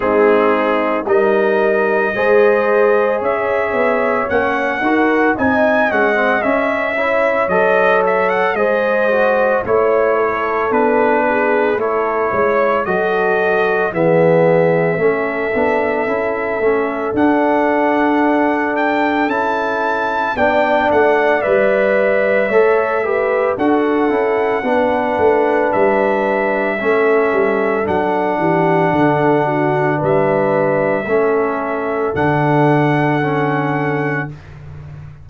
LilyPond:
<<
  \new Staff \with { instrumentName = "trumpet" } { \time 4/4 \tempo 4 = 56 gis'4 dis''2 e''4 | fis''4 gis''8 fis''8 e''4 dis''8 e''16 fis''16 | dis''4 cis''4 b'4 cis''4 | dis''4 e''2. |
fis''4. g''8 a''4 g''8 fis''8 | e''2 fis''2 | e''2 fis''2 | e''2 fis''2 | }
  \new Staff \with { instrumentName = "horn" } { \time 4/4 dis'4 ais'4 c''4 cis''4~ | cis''8 ais'8 dis''4. cis''4. | c''4 cis''8 a'4 gis'8 a'8 cis''8 | a'4 gis'4 a'2~ |
a'2. d''4~ | d''4 cis''8 b'8 a'4 b'4~ | b'4 a'4. g'8 a'8 fis'8 | b'4 a'2. | }
  \new Staff \with { instrumentName = "trombone" } { \time 4/4 c'4 dis'4 gis'2 | cis'8 fis'8 dis'8 cis'16 c'16 cis'8 e'8 a'4 | gis'8 fis'8 e'4 d'4 e'4 | fis'4 b4 cis'8 d'8 e'8 cis'8 |
d'2 e'4 d'4 | b'4 a'8 g'8 fis'8 e'8 d'4~ | d'4 cis'4 d'2~ | d'4 cis'4 d'4 cis'4 | }
  \new Staff \with { instrumentName = "tuba" } { \time 4/4 gis4 g4 gis4 cis'8 b8 | ais8 dis'8 c'8 gis8 cis'4 fis4 | gis4 a4 b4 a8 gis8 | fis4 e4 a8 b8 cis'8 a8 |
d'2 cis'4 b8 a8 | g4 a4 d'8 cis'8 b8 a8 | g4 a8 g8 fis8 e8 d4 | g4 a4 d2 | }
>>